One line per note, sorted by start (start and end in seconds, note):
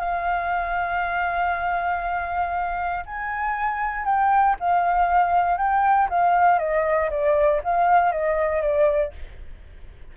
0.00 3.05 F5
3.06 4.05 G#5
4.05 4.56 G5
4.60 5.58 F5
5.58 6.09 G5
6.10 6.59 F5
6.59 7.10 D#5
7.11 7.62 D5
7.65 8.12 F5
8.12 8.63 D#5
8.63 9.13 D5